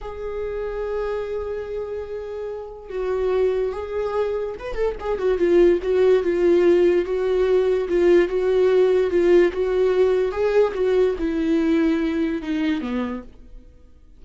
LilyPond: \new Staff \with { instrumentName = "viola" } { \time 4/4 \tempo 4 = 145 gis'1~ | gis'2. fis'4~ | fis'4 gis'2 b'8 a'8 | gis'8 fis'8 f'4 fis'4 f'4~ |
f'4 fis'2 f'4 | fis'2 f'4 fis'4~ | fis'4 gis'4 fis'4 e'4~ | e'2 dis'4 b4 | }